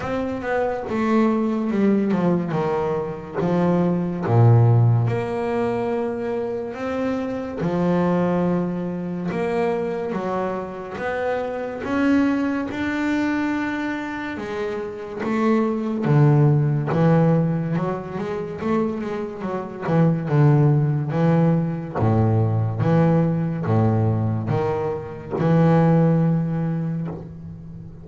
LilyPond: \new Staff \with { instrumentName = "double bass" } { \time 4/4 \tempo 4 = 71 c'8 b8 a4 g8 f8 dis4 | f4 ais,4 ais2 | c'4 f2 ais4 | fis4 b4 cis'4 d'4~ |
d'4 gis4 a4 d4 | e4 fis8 gis8 a8 gis8 fis8 e8 | d4 e4 a,4 e4 | a,4 dis4 e2 | }